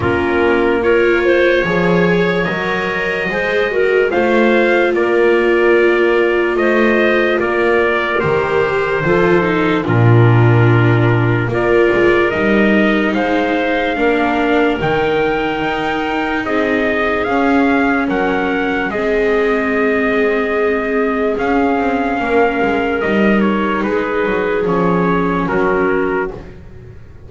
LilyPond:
<<
  \new Staff \with { instrumentName = "trumpet" } { \time 4/4 \tempo 4 = 73 ais'4 cis''2 dis''4~ | dis''4 f''4 d''2 | dis''4 d''4 c''2 | ais'2 d''4 dis''4 |
f''2 g''2 | dis''4 f''4 fis''4 dis''4~ | dis''2 f''2 | dis''8 cis''8 b'4 cis''4 ais'4 | }
  \new Staff \with { instrumentName = "clarinet" } { \time 4/4 f'4 ais'8 c''8 cis''2 | c''8 ais'8 c''4 ais'2 | c''4 ais'2 a'4 | f'2 ais'2 |
c''4 ais'2. | gis'2 ais'4 gis'4~ | gis'2. ais'4~ | ais'4 gis'2 fis'4 | }
  \new Staff \with { instrumentName = "viola" } { \time 4/4 cis'4 f'4 gis'4 ais'4 | gis'8 fis'8 f'2.~ | f'2 g'4 f'8 dis'8 | d'2 f'4 dis'4~ |
dis'4 d'4 dis'2~ | dis'4 cis'2 c'4~ | c'2 cis'2 | dis'2 cis'2 | }
  \new Staff \with { instrumentName = "double bass" } { \time 4/4 ais2 f4 fis4 | gis4 a4 ais2 | a4 ais4 dis4 f4 | ais,2 ais8 gis8 g4 |
gis4 ais4 dis4 dis'4 | c'4 cis'4 fis4 gis4~ | gis2 cis'8 c'8 ais8 gis8 | g4 gis8 fis8 f4 fis4 | }
>>